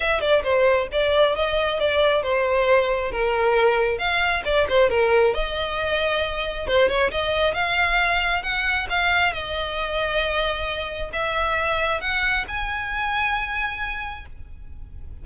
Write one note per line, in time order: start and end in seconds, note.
0.00 0.20 E5
0.20 0.42 D5
0.43 0.87 C5
0.92 1.35 D5
1.35 1.79 D#5
1.79 2.22 D5
2.22 3.11 C5
3.11 3.98 A#4
3.98 4.42 F5
4.44 4.67 D5
4.68 4.89 C5
4.89 5.33 A#4
5.33 6.67 D#5
6.67 6.88 C5
6.88 7.11 C#5
7.11 7.54 D#5
7.54 8.42 F5
8.42 8.87 F#5
8.89 9.32 F5
9.32 11.10 D#5
11.12 12.00 E5
12.00 12.45 F#5
12.47 14.25 G#5